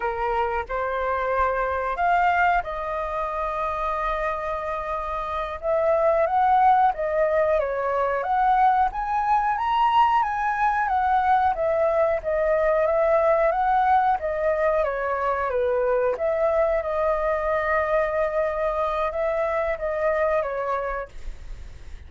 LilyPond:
\new Staff \with { instrumentName = "flute" } { \time 4/4 \tempo 4 = 91 ais'4 c''2 f''4 | dis''1~ | dis''8 e''4 fis''4 dis''4 cis''8~ | cis''8 fis''4 gis''4 ais''4 gis''8~ |
gis''8 fis''4 e''4 dis''4 e''8~ | e''8 fis''4 dis''4 cis''4 b'8~ | b'8 e''4 dis''2~ dis''8~ | dis''4 e''4 dis''4 cis''4 | }